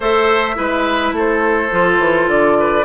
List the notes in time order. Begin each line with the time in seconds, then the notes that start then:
0.00 A3 A4 C5 E5
0.55 G#3 E4 B4
1.12 A3 A4
1.18 C5
1.71 F3 F4
1.99 E3
2.27 D3 D5
2.59 B4